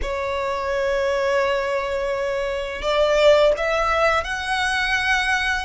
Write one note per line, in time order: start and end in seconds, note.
0.02 2.82 C#5
2.82 3.52 D5
3.57 4.24 E5
4.24 5.65 F#5